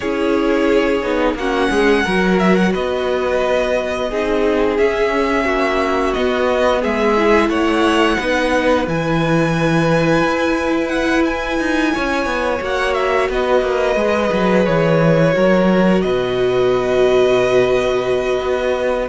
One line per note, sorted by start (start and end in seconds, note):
0.00 1.03 C#4
0.00 1.02 E4
0.00 1.36 G#4
0.00 1.35 C#5
1.02 1.34 B3
1.02 1.36 D#4
1.34 1.68 A#3
1.34 2.06 C#4
1.34 1.71 F#4
1.34 2.38 F#5
1.71 2.05 G#3
1.71 2.03 G#4
2.03 2.75 F#3
2.03 4.10 F#4
2.03 2.72 A#4
2.38 2.55 E5
2.55 2.72 F#5
2.73 4.11 B3
2.73 4.09 B4
2.73 4.77 D#5
4.09 4.78 C4
4.09 4.78 D#4
4.09 5.45 G#4
4.77 5.44 C#4
4.77 6.15 C#4
4.77 6.13 E5
5.44 6.13 A#3
5.44 6.81 F#4
6.13 7.17 B3
6.13 6.84 B3
6.13 6.81 D#5
6.81 7.49 G#3
6.81 7.49 G#4
6.81 7.49 E5
7.17 8.19 E4
7.49 8.17 A3
7.49 8.17 C#5
7.49 8.86 F#5
8.17 8.87 B3
8.17 8.87 D#4
8.17 11.92 B4
8.87 10.23 E3
8.87 12.60 E4
8.87 10.88 G#5
10.24 11.59 E4
10.88 11.22 F#5
11.25 12.61 G#5
11.59 11.93 D#4
11.94 12.25 C#4
11.94 13.30 C#5
12.25 12.59 B3
12.60 13.28 A#3
12.60 13.96 F#4
12.60 12.93 F#5
12.93 13.27 E5
13.28 13.61 B3
13.28 15.34 B4
13.28 14.65 D#5
13.61 13.95 A#3
13.95 14.29 G#3
13.95 15.32 G#4
14.32 14.66 F#3
14.65 15.35 E3
14.65 16.01 C#5
15.32 16.03 F#3
15.32 19.07 F#4
15.32 16.03 A#4
16.01 18.40 B2
16.01 19.08 B4
16.01 19.08 D#5
18.40 19.08 B3